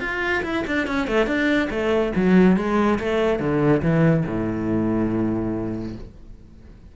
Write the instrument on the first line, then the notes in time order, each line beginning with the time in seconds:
cello
0.00 F4
0.43 E4
0.67 D4
0.87 C#4
1.07 A3
1.26 D4
1.70 A3
2.16 F#3
2.56 G#3
2.99 A3
3.39 D3
3.82 E3
4.26 A2